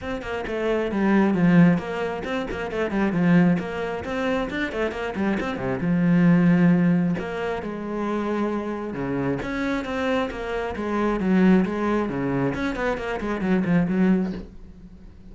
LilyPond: \new Staff \with { instrumentName = "cello" } { \time 4/4 \tempo 4 = 134 c'8 ais8 a4 g4 f4 | ais4 c'8 ais8 a8 g8 f4 | ais4 c'4 d'8 a8 ais8 g8 | c'8 c8 f2. |
ais4 gis2. | cis4 cis'4 c'4 ais4 | gis4 fis4 gis4 cis4 | cis'8 b8 ais8 gis8 fis8 f8 fis4 | }